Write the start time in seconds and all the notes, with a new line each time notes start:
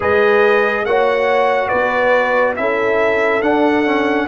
0.00 G#3 G#4 B4 D#5
0.85 A#3 F#4 C#5 F#5
1.67 B3 B4 D5
2.56 C#4 E4 A4 E5
3.42 D4 F#5
3.85 C#4